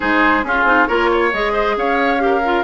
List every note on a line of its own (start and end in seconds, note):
0.00 0.43 G#3
0.00 0.43 D#4
0.00 0.44 G#4
0.00 0.44 C5
0.43 0.63 C#4
0.43 0.66 C#4
0.43 0.87 F4
0.43 0.87 G#4
0.63 0.85 C4
0.63 0.88 D#4
0.87 1.33 A#3
0.87 1.32 F4
0.87 1.09 A#4
0.87 1.31 C#5
1.11 1.52 C#5
1.33 1.76 G#3
1.33 2.18 G#4
1.33 1.77 D#5
1.52 1.75 C5
1.76 2.64 C#4
1.76 2.22 C#5
1.76 2.64 F5
2.18 2.40 G4
2.24 2.64 A#4
2.44 2.64 F4